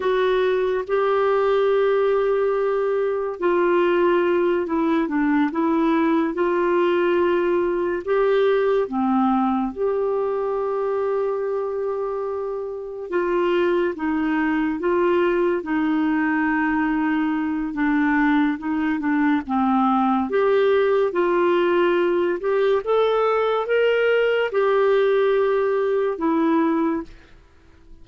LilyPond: \new Staff \with { instrumentName = "clarinet" } { \time 4/4 \tempo 4 = 71 fis'4 g'2. | f'4. e'8 d'8 e'4 f'8~ | f'4. g'4 c'4 g'8~ | g'2.~ g'8 f'8~ |
f'8 dis'4 f'4 dis'4.~ | dis'4 d'4 dis'8 d'8 c'4 | g'4 f'4. g'8 a'4 | ais'4 g'2 e'4 | }